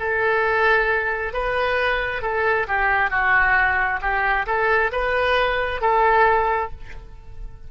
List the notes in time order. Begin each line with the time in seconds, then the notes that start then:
0.00 A4
1.34 B4
2.22 A4
2.68 G4
3.11 F#4
4.02 G4
4.47 A4
4.93 B4
5.82 A4